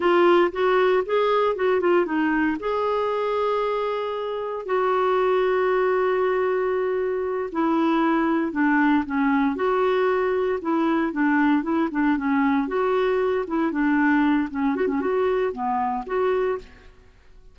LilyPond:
\new Staff \with { instrumentName = "clarinet" } { \time 4/4 \tempo 4 = 116 f'4 fis'4 gis'4 fis'8 f'8 | dis'4 gis'2.~ | gis'4 fis'2.~ | fis'2~ fis'8 e'4.~ |
e'8 d'4 cis'4 fis'4.~ | fis'8 e'4 d'4 e'8 d'8 cis'8~ | cis'8 fis'4. e'8 d'4. | cis'8 fis'16 cis'16 fis'4 b4 fis'4 | }